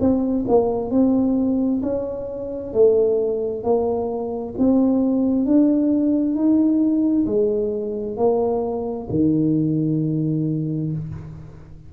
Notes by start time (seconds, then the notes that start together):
0.00 C4
0.48 A#3
0.91 C4
1.83 C#4
2.74 A3
3.64 A#3
4.58 C4
5.46 D4
6.35 D#4
7.26 G#3
8.17 A#3
9.10 D#3